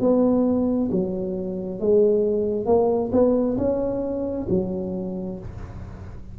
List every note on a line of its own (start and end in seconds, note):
0.00 0.90 B3
0.91 1.80 F#3
1.80 2.66 G#3
2.66 3.11 A#3
3.12 3.57 B3
3.57 4.47 C#4
4.49 5.39 F#3